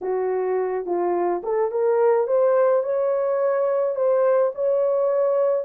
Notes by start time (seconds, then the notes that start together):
0.01 F#4
0.85 F4
1.43 A4
1.71 A#4
2.27 C5
2.83 C#5
3.95 C5
4.55 C#5